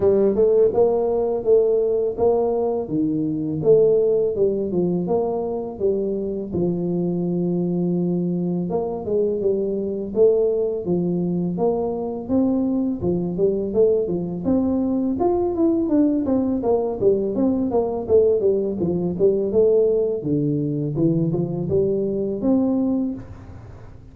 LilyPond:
\new Staff \with { instrumentName = "tuba" } { \time 4/4 \tempo 4 = 83 g8 a8 ais4 a4 ais4 | dis4 a4 g8 f8 ais4 | g4 f2. | ais8 gis8 g4 a4 f4 |
ais4 c'4 f8 g8 a8 f8 | c'4 f'8 e'8 d'8 c'8 ais8 g8 | c'8 ais8 a8 g8 f8 g8 a4 | d4 e8 f8 g4 c'4 | }